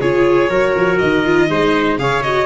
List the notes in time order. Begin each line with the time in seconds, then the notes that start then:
0.00 C#3 F4 G#4 C#5
0.49 F#3 F#4 A#4
0.76 F3
0.99 D#3 D#5
1.24 F4
1.49 G#3 D#4 C5
1.98 C#3 G#4 C#5 F5
2.23 F#4 D#5